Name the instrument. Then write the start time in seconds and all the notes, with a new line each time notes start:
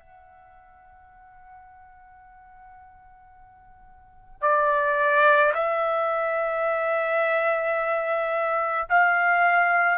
trumpet
0.00 F#5
4.42 D5
5.55 E5
8.90 F5